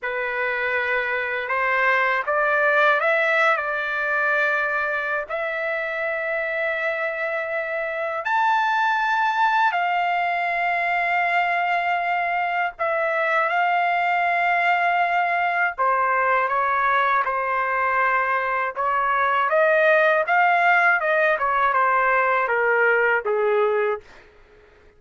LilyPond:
\new Staff \with { instrumentName = "trumpet" } { \time 4/4 \tempo 4 = 80 b'2 c''4 d''4 | e''8. d''2~ d''16 e''4~ | e''2. a''4~ | a''4 f''2.~ |
f''4 e''4 f''2~ | f''4 c''4 cis''4 c''4~ | c''4 cis''4 dis''4 f''4 | dis''8 cis''8 c''4 ais'4 gis'4 | }